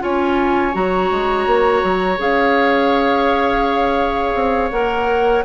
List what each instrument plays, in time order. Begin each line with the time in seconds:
0.00 bassoon C#4, clarinet F4, oboe C#5, flute G#5
0.73 bassoon F#3, clarinet F#4, flute A#5
1.11 bassoon G#3
1.47 bassoon A#3
1.83 bassoon F#3
2.18 bassoon C#4, clarinet G#4, flute F5
4.35 bassoon C4
4.71 bassoon A#3, clarinet A#4, flute F#5